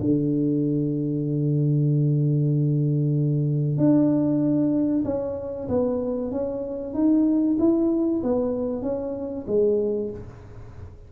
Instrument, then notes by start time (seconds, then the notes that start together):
tuba
0.00 D3
3.77 D4
5.04 C#4
5.68 B3
6.31 C#4
6.94 D#4
7.59 E4
8.22 B3
8.82 C#4
9.47 G#3